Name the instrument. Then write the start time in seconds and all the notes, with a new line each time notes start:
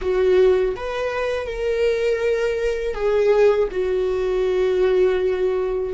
viola
0.01 F#4
0.76 B4
1.46 A#4
2.94 G#4
3.71 F#4